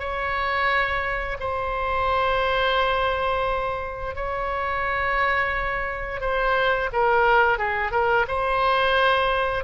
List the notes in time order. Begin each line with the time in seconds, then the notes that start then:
0.00 C#5
1.40 C5
4.16 C#5
6.21 C5
6.93 A#4
7.59 G#4
7.92 A#4
8.28 C5